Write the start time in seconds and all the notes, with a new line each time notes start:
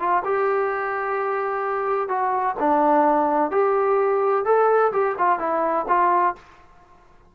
0.00 F4
0.25 G4
2.09 F#4
2.60 D4
3.52 G4
4.46 A4
4.93 G4
5.19 F4
5.39 E4
5.89 F4